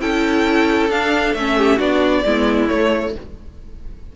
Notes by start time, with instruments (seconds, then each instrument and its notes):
0.00 cello C#4, viola E4, violin A4 G5
0.90 cello D4, viola D4, violin F5
1.34 cello A3, viola C#4, violin E5
1.57 violin G4
1.76 cello B3, viola D4, violin F#4 D5
2.25 cello G#3, viola B3, violin E4
2.68 viola A3, cello A3, violin C#5